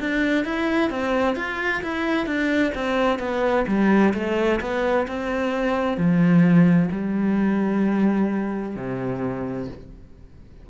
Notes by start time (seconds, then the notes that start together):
0.00 D4
0.44 E4
0.90 C4
1.36 F4
1.83 E4
2.26 D4
2.75 C4
3.19 B3
3.67 G3
4.14 A3
4.60 B3
5.07 C4
5.97 F3
6.91 G3
8.76 C3